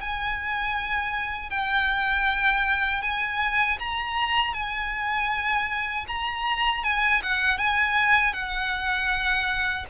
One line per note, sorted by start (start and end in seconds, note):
0.00 1.49 G#5
1.49 3.01 G5
3.02 3.78 G#5
3.79 4.53 A#5
4.53 6.05 G#5
6.07 6.83 A#5
6.83 7.21 G#5
7.23 7.58 F#5
7.58 8.33 G#5
8.33 9.85 F#5